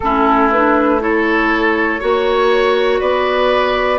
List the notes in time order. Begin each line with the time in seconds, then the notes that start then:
0.00 A3 C#4 E4 A4
0.50 D4 B4
1.00 E4 A4 C#5
2.00 A#3 F#4 C#5
3.00 B3 B4 D5